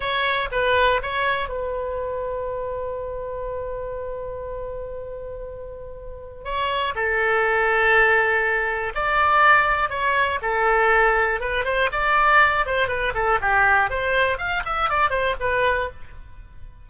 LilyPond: \new Staff \with { instrumentName = "oboe" } { \time 4/4 \tempo 4 = 121 cis''4 b'4 cis''4 b'4~ | b'1~ | b'1~ | b'4 cis''4 a'2~ |
a'2 d''2 | cis''4 a'2 b'8 c''8 | d''4. c''8 b'8 a'8 g'4 | c''4 f''8 e''8 d''8 c''8 b'4 | }